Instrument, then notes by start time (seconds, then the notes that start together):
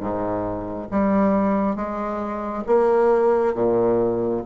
bassoon
0.00 G#2
0.91 G3
1.76 G#3
2.67 A#3
3.54 A#2